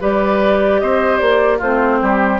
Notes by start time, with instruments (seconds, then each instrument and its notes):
0.00 bassoon G3, clarinet G4, oboe B4, flute D5
0.80 bassoon C4, oboe C5, flute D#5
1.18 bassoon A#3, flute D5
1.58 bassoon A3, clarinet C4, oboe F4, flute C5
2.01 bassoon G3, oboe G4